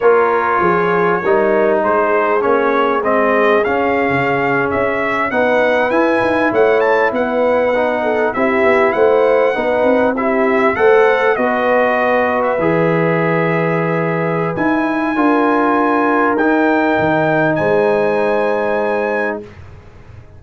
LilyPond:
<<
  \new Staff \with { instrumentName = "trumpet" } { \time 4/4 \tempo 4 = 99 cis''2. c''4 | cis''4 dis''4 f''4.~ f''16 e''16~ | e''8. fis''4 gis''4 fis''8 a''8 fis''16~ | fis''4.~ fis''16 e''4 fis''4~ fis''16~ |
fis''8. e''4 fis''4 dis''4~ dis''16~ | dis''8 e''2.~ e''8 | gis''2. g''4~ | g''4 gis''2. | }
  \new Staff \with { instrumentName = "horn" } { \time 4/4 ais'4 gis'4 ais'4 gis'4~ | gis'1~ | gis'8. b'2 cis''4 b'16~ | b'4~ b'16 a'8 g'4 c''4 b'16~ |
b'8. g'4 c''4 b'4~ b'16~ | b'1~ | b'4 ais'2.~ | ais'4 c''2. | }
  \new Staff \with { instrumentName = "trombone" } { \time 4/4 f'2 dis'2 | cis'4 c'4 cis'2~ | cis'8. dis'4 e'2~ e'16~ | e'8. dis'4 e'2 dis'16~ |
dis'8. e'4 a'4 fis'4~ fis'16~ | fis'8. gis'2.~ gis'16 | e'4 f'2 dis'4~ | dis'1 | }
  \new Staff \with { instrumentName = "tuba" } { \time 4/4 ais4 f4 g4 gis4 | ais4 gis4 cis'8. cis4 cis'16~ | cis'8. b4 e'8 dis'8 a4 b16~ | b4.~ b16 c'8 b8 a4 b16~ |
b16 c'4. a4 b4~ b16~ | b8. e2.~ e16 | dis'4 d'2 dis'4 | dis4 gis2. | }
>>